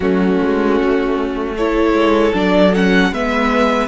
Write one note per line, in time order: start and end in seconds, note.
0.00 0.39 F#3
0.00 1.57 A3
0.00 1.55 C#4
0.00 1.56 F#4
0.42 0.80 G#3
0.80 1.93 A3
1.55 2.33 E4
1.55 3.11 A4
1.55 2.35 C#5
1.93 2.32 G#3
2.33 3.10 F#3
2.33 2.72 D4
2.33 2.75 D5
2.74 3.13 C#4
2.74 3.13 F#5
3.10 3.87 G#3
3.10 3.87 B3
3.10 3.87 B4
3.10 3.87 E5